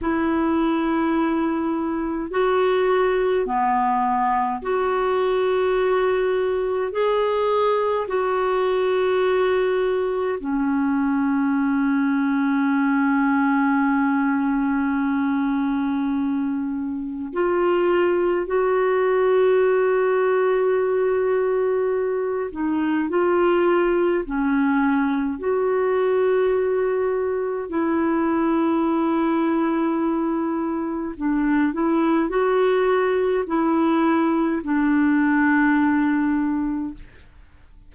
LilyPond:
\new Staff \with { instrumentName = "clarinet" } { \time 4/4 \tempo 4 = 52 e'2 fis'4 b4 | fis'2 gis'4 fis'4~ | fis'4 cis'2.~ | cis'2. f'4 |
fis'2.~ fis'8 dis'8 | f'4 cis'4 fis'2 | e'2. d'8 e'8 | fis'4 e'4 d'2 | }